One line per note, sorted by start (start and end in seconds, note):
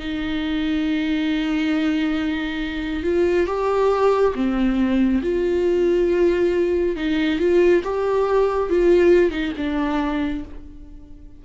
0.00 3.04 D#4
3.04 3.47 F4
3.47 4.34 G4
4.35 5.22 C4
5.23 6.96 F4
6.96 7.40 D#4
7.40 7.83 F4
7.84 8.70 G4
8.70 9.31 F4
9.31 9.53 D#4
9.58 10.45 D4